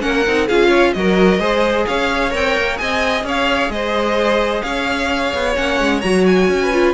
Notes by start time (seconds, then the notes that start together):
0.00 A#3 C#4 A#4 F#5
0.26 C4 D#4
0.47 C#4 F4 G#4 F5
0.68 C#5
0.93 F#3 F#4 A#4 D#5
1.39 G#3 G#4 C5
1.87 C#4 C#5 F5
2.31 C4 A#4 G5
2.57 A#3
2.77 C4 G#4 D#5 G#5
3.23 C#4 C#5 F5
3.69 G#3 C5 D#5
4.62 C#4 C#5 F5
5.34 B3
5.55 A#3 C#4 F#5
5.80 G#3
6.01 F#3 F#4 A#5
6.26 G#5
6.48 C#4
6.62 B4
6.72 F4